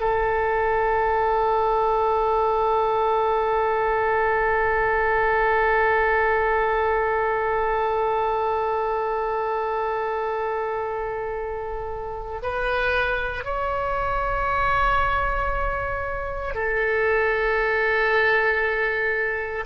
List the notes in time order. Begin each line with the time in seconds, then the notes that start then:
0.00 A4
12.43 B4
13.45 C#5
16.55 A4